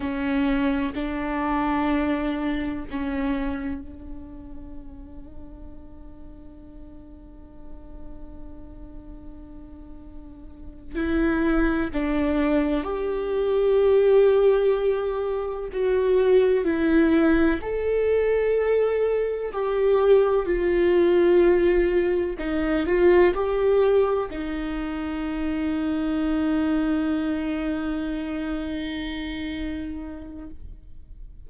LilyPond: \new Staff \with { instrumentName = "viola" } { \time 4/4 \tempo 4 = 63 cis'4 d'2 cis'4 | d'1~ | d'2.~ d'8 e'8~ | e'8 d'4 g'2~ g'8~ |
g'8 fis'4 e'4 a'4.~ | a'8 g'4 f'2 dis'8 | f'8 g'4 dis'2~ dis'8~ | dis'1 | }